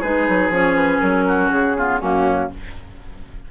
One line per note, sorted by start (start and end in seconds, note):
0.00 0.28 G#3
0.00 0.52 D#4
0.00 1.24 G#4
0.00 0.52 B4
0.29 0.49 F#3
0.49 0.99 F3
0.49 1.76 C#4
0.49 0.75 C#5
0.75 1.00 B4
1.00 1.51 F#3
1.00 1.49 A#4
1.27 1.77 F#4
1.51 2.01 C#3
1.51 2.00 G#4
1.76 2.01 B3
1.76 2.00 F4
2.00 2.51 F#2
2.00 2.50 A#3
2.00 2.49 C#4
2.00 2.50 F#4